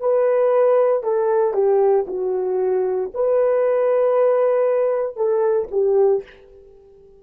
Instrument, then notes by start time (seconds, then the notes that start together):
horn
0.00 B4
1.03 A4
1.54 G4
2.07 F#4
3.14 B4
5.16 A4
5.71 G4